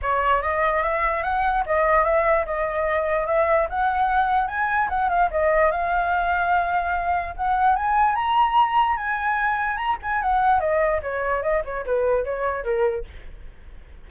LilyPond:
\new Staff \with { instrumentName = "flute" } { \time 4/4 \tempo 4 = 147 cis''4 dis''4 e''4 fis''4 | dis''4 e''4 dis''2 | e''4 fis''2 gis''4 | fis''8 f''8 dis''4 f''2~ |
f''2 fis''4 gis''4 | ais''2 gis''2 | ais''8 gis''8 fis''4 dis''4 cis''4 | dis''8 cis''8 b'4 cis''4 ais'4 | }